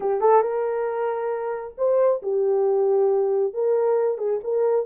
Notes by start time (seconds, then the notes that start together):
0.00 G4
0.20 A4
0.42 A#4
1.77 C5
2.22 G4
3.53 A#4
4.18 G#4
4.43 A#4